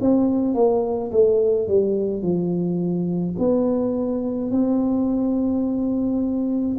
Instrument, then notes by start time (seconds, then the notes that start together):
tuba
0.00 C4
0.54 A#3
1.11 A3
1.67 G3
2.22 F3
3.38 B3
4.51 C4